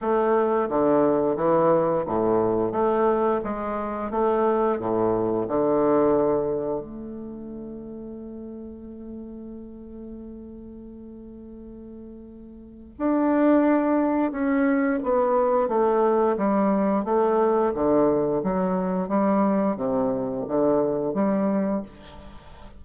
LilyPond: \new Staff \with { instrumentName = "bassoon" } { \time 4/4 \tempo 4 = 88 a4 d4 e4 a,4 | a4 gis4 a4 a,4 | d2 a2~ | a1~ |
a2. d'4~ | d'4 cis'4 b4 a4 | g4 a4 d4 fis4 | g4 c4 d4 g4 | }